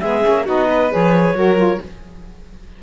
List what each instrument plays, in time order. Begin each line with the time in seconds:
0.00 cello G#3, saxophone B3, violin G#4, clarinet E5
0.22 cello A#3, saxophone C#4
0.45 cello B3, saxophone D#4, violin F#4, clarinet D#5
0.69 violin B4
0.90 cello F3, saxophone G#4, clarinet C#5
1.33 cello F#3, saxophone F#4, violin A#4
1.56 saxophone F4